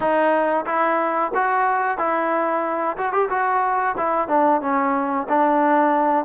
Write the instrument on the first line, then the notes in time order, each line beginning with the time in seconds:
trombone
0.00 D#4
0.66 E4
1.34 F#4
1.98 E4
2.97 F#4
3.12 G4
3.29 F#4
3.97 E4
4.28 D4
4.61 C#4
5.29 D4